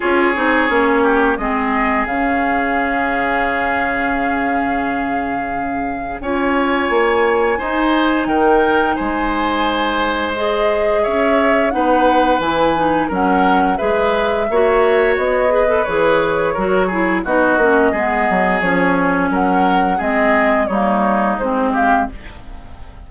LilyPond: <<
  \new Staff \with { instrumentName = "flute" } { \time 4/4 \tempo 4 = 87 cis''2 dis''4 f''4~ | f''1~ | f''4 gis''2. | g''4 gis''2 dis''4 |
e''4 fis''4 gis''4 fis''4 | e''2 dis''4 cis''4~ | cis''4 dis''2 cis''4 | fis''4 dis''4 cis''4 c''8 f''8 | }
  \new Staff \with { instrumentName = "oboe" } { \time 4/4 gis'4. g'8 gis'2~ | gis'1~ | gis'4 cis''2 c''4 | ais'4 c''2. |
cis''4 b'2 ais'4 | b'4 cis''4. b'4. | ais'8 gis'8 fis'4 gis'2 | ais'4 gis'4 dis'4. g'8 | }
  \new Staff \with { instrumentName = "clarinet" } { \time 4/4 f'8 dis'8 cis'4 c'4 cis'4~ | cis'1~ | cis'4 f'2 dis'4~ | dis'2. gis'4~ |
gis'4 dis'4 e'8 dis'8 cis'4 | gis'4 fis'4. gis'16 a'16 gis'4 | fis'8 e'8 dis'8 cis'8 b4 cis'4~ | cis'4 c'4 ais4 c'4 | }
  \new Staff \with { instrumentName = "bassoon" } { \time 4/4 cis'8 c'8 ais4 gis4 cis4~ | cis1~ | cis4 cis'4 ais4 dis'4 | dis4 gis2. |
cis'4 b4 e4 fis4 | gis4 ais4 b4 e4 | fis4 b8 ais8 gis8 fis8 f4 | fis4 gis4 g4 gis4 | }
>>